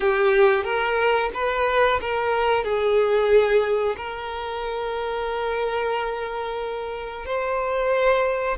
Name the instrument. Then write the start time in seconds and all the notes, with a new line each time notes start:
violin
0.00 G4
0.64 A#4
1.34 B4
2.00 A#4
2.63 G#4
3.96 A#4
7.25 C5